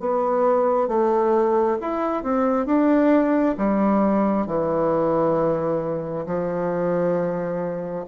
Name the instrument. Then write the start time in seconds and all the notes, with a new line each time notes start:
bassoon
0.00 B3
0.88 A3
1.81 E4
2.23 C4
2.66 D4
3.57 G3
4.47 E3
6.26 F3